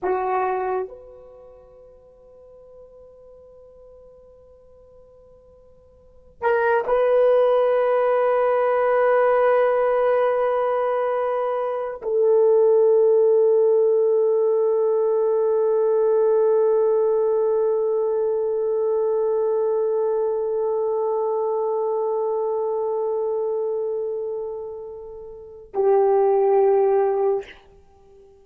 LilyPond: \new Staff \with { instrumentName = "horn" } { \time 4/4 \tempo 4 = 70 fis'4 b'2.~ | b'2.~ b'8 ais'8 | b'1~ | b'2 a'2~ |
a'1~ | a'1~ | a'1~ | a'2 g'2 | }